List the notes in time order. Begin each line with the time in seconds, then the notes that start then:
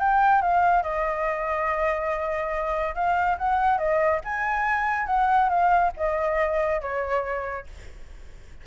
0.00 G5
0.42 F5
0.83 D#5
2.95 F5
3.38 F#5
3.78 D#5
4.25 G#5
5.07 F#5
5.50 F5
5.97 D#5
6.81 C#5